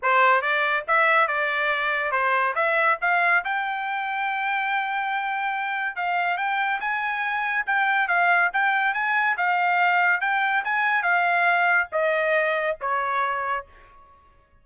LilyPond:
\new Staff \with { instrumentName = "trumpet" } { \time 4/4 \tempo 4 = 141 c''4 d''4 e''4 d''4~ | d''4 c''4 e''4 f''4 | g''1~ | g''2 f''4 g''4 |
gis''2 g''4 f''4 | g''4 gis''4 f''2 | g''4 gis''4 f''2 | dis''2 cis''2 | }